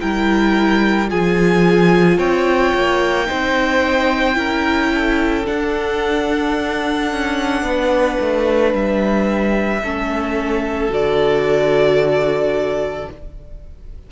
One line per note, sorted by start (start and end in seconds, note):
0.00 1.11 G3
0.00 1.08 E4
0.00 1.09 A#4
0.00 1.09 G5
1.08 2.18 F3
1.08 3.26 F4
1.08 2.17 G#4
1.08 2.18 G#5
2.17 2.72 C4
2.17 3.27 C#5
2.17 5.45 G5
2.74 3.28 A#3
3.26 4.36 C4
3.26 4.34 D#4
3.26 4.37 C5
4.34 5.45 C#4
4.34 5.43 E4
4.34 4.92 A#4
4.94 7.65 A4
5.45 9.81 D4
5.45 7.12 D4
5.45 8.74 F#5
7.12 7.62 C#4
7.62 8.16 B3
7.62 9.82 B4
8.20 8.73 A3
8.73 9.82 G3
8.73 10.93 E5
9.82 10.88 A3
9.82 10.90 C#4
9.82 13.10 A4
10.88 13.06 D3
10.88 13.08 F#4
10.88 13.11 D5